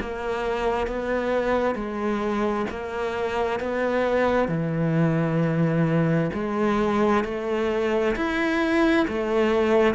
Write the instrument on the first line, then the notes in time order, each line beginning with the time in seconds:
cello
0.00 A#3
0.86 B3
1.75 G#3
2.70 A#3
3.60 B3
4.48 E3
6.33 G#3
7.24 A3
8.15 E4
9.07 A3